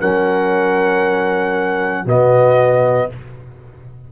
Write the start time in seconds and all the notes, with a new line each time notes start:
0.00 F#3 C#4 A#4 F#5
2.05 B2 B3 F#4 D#5